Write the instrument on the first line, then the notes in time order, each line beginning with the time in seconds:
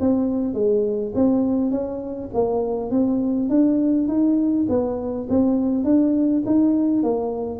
tuba
0.00 C4
0.54 G#3
1.15 C4
1.71 C#4
2.34 A#3
2.91 C4
3.49 D4
4.08 D#4
4.69 B3
5.29 C4
5.84 D4
6.46 D#4
7.03 A#3